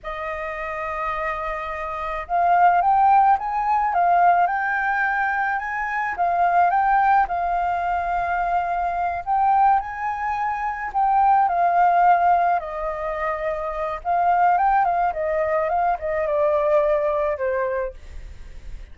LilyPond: \new Staff \with { instrumentName = "flute" } { \time 4/4 \tempo 4 = 107 dis''1 | f''4 g''4 gis''4 f''4 | g''2 gis''4 f''4 | g''4 f''2.~ |
f''8 g''4 gis''2 g''8~ | g''8 f''2 dis''4.~ | dis''4 f''4 g''8 f''8 dis''4 | f''8 dis''8 d''2 c''4 | }